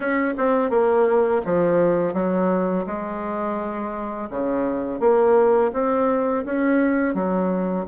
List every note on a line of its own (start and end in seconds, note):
0.00 0.34 C#4
0.37 0.70 C4
0.70 1.41 A#3
1.44 2.13 F3
2.13 2.85 F#3
2.86 4.29 G#3
4.30 4.99 C#3
4.99 5.71 A#3
5.73 6.44 C4
6.45 7.14 C#4
7.14 7.85 F#3